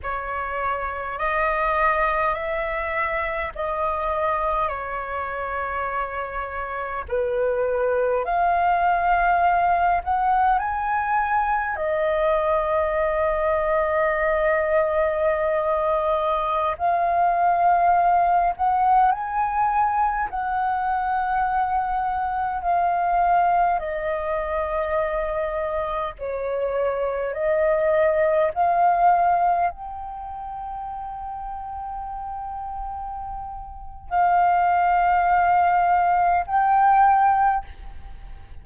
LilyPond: \new Staff \with { instrumentName = "flute" } { \time 4/4 \tempo 4 = 51 cis''4 dis''4 e''4 dis''4 | cis''2 b'4 f''4~ | f''8 fis''8 gis''4 dis''2~ | dis''2~ dis''16 f''4. fis''16~ |
fis''16 gis''4 fis''2 f''8.~ | f''16 dis''2 cis''4 dis''8.~ | dis''16 f''4 g''2~ g''8.~ | g''4 f''2 g''4 | }